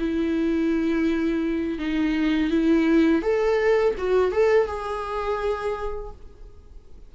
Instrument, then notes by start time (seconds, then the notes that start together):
viola
0.00 E4
1.79 D#4
2.51 E4
3.23 A4
3.98 F#4
4.32 A4
4.67 G#4